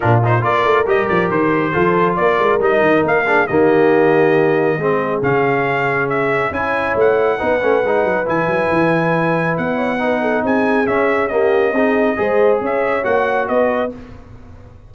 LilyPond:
<<
  \new Staff \with { instrumentName = "trumpet" } { \time 4/4 \tempo 4 = 138 ais'8 c''8 d''4 dis''8 d''8 c''4~ | c''4 d''4 dis''4 f''4 | dis''1 | f''2 e''4 gis''4 |
fis''2. gis''4~ | gis''2 fis''2 | gis''4 e''4 dis''2~ | dis''4 e''4 fis''4 dis''4 | }
  \new Staff \with { instrumentName = "horn" } { \time 4/4 f'4 ais'2. | a'4 ais'2~ ais'8 gis'8 | g'2. gis'4~ | gis'2. cis''4~ |
cis''4 b'2.~ | b'2~ b'8 cis''8 b'8 a'8 | gis'2 g'4 gis'4 | c''4 cis''2 b'4 | }
  \new Staff \with { instrumentName = "trombone" } { \time 4/4 d'8 dis'8 f'4 g'2 | f'2 dis'4. d'8 | ais2. c'4 | cis'2. e'4~ |
e'4 dis'8 cis'8 dis'4 e'4~ | e'2. dis'4~ | dis'4 cis'4 ais4 dis'4 | gis'2 fis'2 | }
  \new Staff \with { instrumentName = "tuba" } { \time 4/4 ais,4 ais8 a8 g8 f8 dis4 | f4 ais8 gis8 g8 dis8 ais4 | dis2. gis4 | cis2. cis'4 |
a4 b8 a8 gis8 fis8 e8 fis8 | e2 b2 | c'4 cis'2 c'4 | gis4 cis'4 ais4 b4 | }
>>